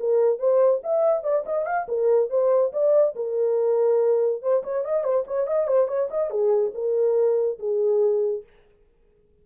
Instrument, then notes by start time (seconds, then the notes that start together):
horn
0.00 A#4
0.39 C5
0.84 E5
1.24 D5
1.46 D#5
1.66 F5
1.88 A#4
2.30 C5
2.73 D5
3.16 A#4
4.42 C5
4.64 C#5
4.85 D#5
5.04 C5
5.27 C#5
5.47 D#5
5.68 C5
5.88 C#5
6.11 D#5
6.30 G#4
6.74 A#4
7.59 G#4